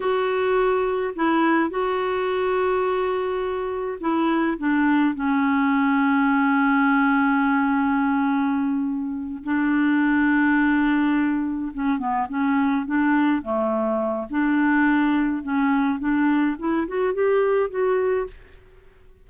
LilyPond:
\new Staff \with { instrumentName = "clarinet" } { \time 4/4 \tempo 4 = 105 fis'2 e'4 fis'4~ | fis'2. e'4 | d'4 cis'2.~ | cis'1~ |
cis'8 d'2.~ d'8~ | d'8 cis'8 b8 cis'4 d'4 a8~ | a4 d'2 cis'4 | d'4 e'8 fis'8 g'4 fis'4 | }